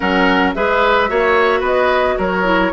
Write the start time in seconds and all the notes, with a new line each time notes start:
0.00 F#3 C#4 A#4 F#5
0.54 G#3 G#4 B4 E5
1.08 A#3 F#4 C#5
1.60 B3 B4 D#5
2.17 F#3 A#4 C#5
2.44 E4